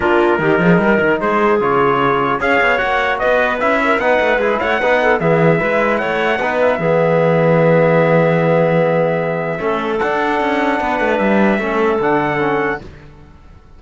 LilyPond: <<
  \new Staff \with { instrumentName = "trumpet" } { \time 4/4 \tempo 4 = 150 ais'2. c''4 | cis''2 f''4 fis''4 | dis''4 e''4 fis''4 gis'8 fis''8~ | fis''4 e''2 fis''4~ |
fis''8 e''2.~ e''8~ | e''1~ | e''4 fis''2. | e''2 fis''2 | }
  \new Staff \with { instrumentName = "clarinet" } { \time 4/4 f'4 g'8 gis'8 ais'4 gis'4~ | gis'2 cis''2 | b'4. ais'8 b'4. cis''8 | b'8 a'8 gis'4 b'4 cis''4 |
b'4 gis'2.~ | gis'1 | a'2. b'4~ | b'4 a'2. | }
  \new Staff \with { instrumentName = "trombone" } { \time 4/4 d'4 dis'2. | f'2 gis'4 fis'4~ | fis'4 e'4 dis'4 e'4 | dis'4 b4 e'2 |
dis'4 b2.~ | b1 | cis'4 d'2.~ | d'4 cis'4 d'4 cis'4 | }
  \new Staff \with { instrumentName = "cello" } { \time 4/4 ais4 dis8 f8 g8 dis8 gis4 | cis2 cis'8 b8 ais4 | b4 cis'4 b8 a8 gis8 a8 | b4 e4 gis4 a4 |
b4 e2.~ | e1 | a4 d'4 cis'4 b8 a8 | g4 a4 d2 | }
>>